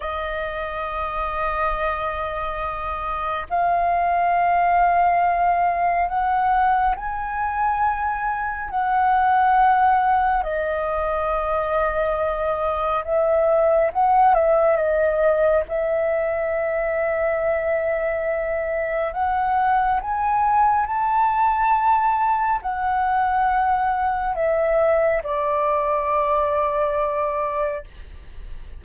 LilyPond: \new Staff \with { instrumentName = "flute" } { \time 4/4 \tempo 4 = 69 dis''1 | f''2. fis''4 | gis''2 fis''2 | dis''2. e''4 |
fis''8 e''8 dis''4 e''2~ | e''2 fis''4 gis''4 | a''2 fis''2 | e''4 d''2. | }